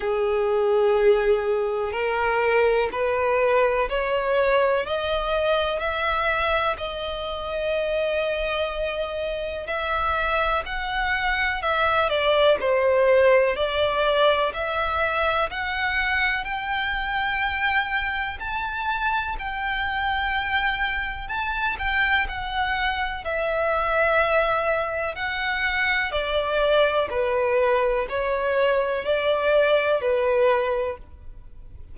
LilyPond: \new Staff \with { instrumentName = "violin" } { \time 4/4 \tempo 4 = 62 gis'2 ais'4 b'4 | cis''4 dis''4 e''4 dis''4~ | dis''2 e''4 fis''4 | e''8 d''8 c''4 d''4 e''4 |
fis''4 g''2 a''4 | g''2 a''8 g''8 fis''4 | e''2 fis''4 d''4 | b'4 cis''4 d''4 b'4 | }